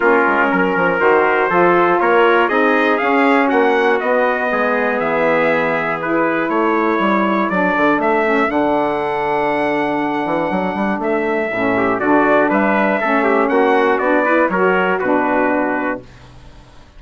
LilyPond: <<
  \new Staff \with { instrumentName = "trumpet" } { \time 4/4 \tempo 4 = 120 ais'2 c''2 | cis''4 dis''4 f''4 fis''4 | dis''2 e''2 | b'4 cis''2 d''4 |
e''4 fis''2.~ | fis''2 e''2 | d''4 e''2 fis''4 | d''4 cis''4 b'2 | }
  \new Staff \with { instrumentName = "trumpet" } { \time 4/4 f'4 ais'2 a'4 | ais'4 gis'2 fis'4~ | fis'4 gis'2.~ | gis'4 a'2.~ |
a'1~ | a'2.~ a'8 g'8 | fis'4 b'4 a'8 g'8 fis'4~ | fis'8 b'8 ais'4 fis'2 | }
  \new Staff \with { instrumentName = "saxophone" } { \time 4/4 cis'2 fis'4 f'4~ | f'4 dis'4 cis'2 | b1 | e'2. d'4~ |
d'8 cis'8 d'2.~ | d'2. cis'4 | d'2 cis'2 | d'8 e'8 fis'4 d'2 | }
  \new Staff \with { instrumentName = "bassoon" } { \time 4/4 ais8 gis8 fis8 f8 dis4 f4 | ais4 c'4 cis'4 ais4 | b4 gis4 e2~ | e4 a4 g4 fis8 d8 |
a4 d2.~ | d8 e8 fis8 g8 a4 a,4 | d4 g4 a4 ais4 | b4 fis4 b,2 | }
>>